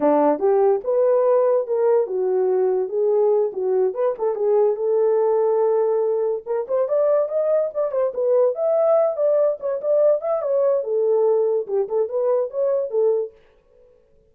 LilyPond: \new Staff \with { instrumentName = "horn" } { \time 4/4 \tempo 4 = 144 d'4 g'4 b'2 | ais'4 fis'2 gis'4~ | gis'8 fis'4 b'8 a'8 gis'4 a'8~ | a'2.~ a'8 ais'8 |
c''8 d''4 dis''4 d''8 c''8 b'8~ | b'8 e''4. d''4 cis''8 d''8~ | d''8 e''8 cis''4 a'2 | g'8 a'8 b'4 cis''4 a'4 | }